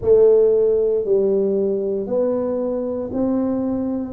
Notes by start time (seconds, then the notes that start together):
0.01 A3
1.04 G3
2.06 B3
3.13 C4